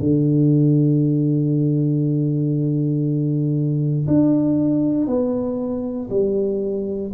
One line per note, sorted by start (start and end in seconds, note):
0.00 4.07 D3
4.08 5.07 D4
5.07 6.09 B3
6.10 7.12 G3